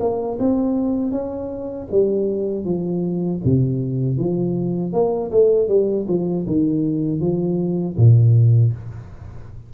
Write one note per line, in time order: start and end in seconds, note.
0.00 0.38 A#3
0.40 1.12 C4
1.12 1.88 C#4
1.92 2.65 G3
2.65 3.41 F3
3.45 4.18 C3
4.18 4.93 F3
4.93 5.31 A#3
5.32 5.69 A3
5.69 6.07 G3
6.08 6.46 F3
6.47 7.21 D#3
7.21 7.97 F3
7.97 8.73 A#2